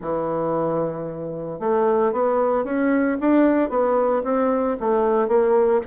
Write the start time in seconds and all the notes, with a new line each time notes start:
0.01 E3
1.59 A3
2.12 B3
2.64 C#4
3.20 D4
3.69 B3
4.23 C4
4.80 A3
5.27 A#3